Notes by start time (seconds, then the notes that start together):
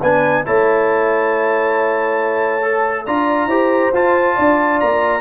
0.00 B3 D4 B4 G#5
0.45 A3 E4 C#5 A5
2.62 A4
3.05 D4 F4 D5 A#5
3.46 E4 G4 C5
3.93 F4 A5
4.35 D4 D5
4.80 A#3 A#5